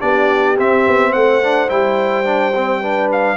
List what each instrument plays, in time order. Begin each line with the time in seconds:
0.00 tuba B3, trombone D4, horn G4, trumpet D5
0.58 trombone C4, tuba C4, trumpet E5
0.87 tuba B3
1.11 tuba A3, horn C5, trumpet F#5
1.42 trombone D4
1.68 tuba G3, trombone E4, trumpet G5
2.25 trombone D4
2.55 trombone C4
2.80 trombone D4, horn B4
3.12 trumpet F5